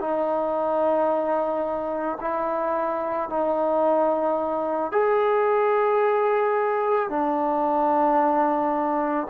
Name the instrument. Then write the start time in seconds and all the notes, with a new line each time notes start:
trombone
0.00 D#4
2.21 E4
3.29 D#4
4.92 G#4
7.09 D4